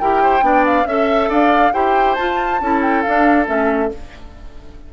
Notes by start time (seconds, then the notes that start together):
0.00 E4 G4 A#4 G5
0.23 C5
0.41 B3 D4 D5
0.66 F5
0.86 C#4 A4 E5
1.30 D4 D5 F5
1.73 E4 G4 C5 G5
2.15 F4 A5
2.61 C#4 E4 A4
2.82 G5
3.03 D4 F5
3.46 A3 C#4 E5